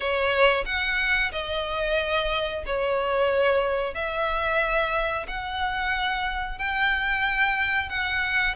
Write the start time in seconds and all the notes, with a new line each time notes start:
0.00 C#5
0.65 F#5
1.32 D#5
2.66 C#5
3.94 E5
5.27 F#5
6.58 G5
7.89 F#5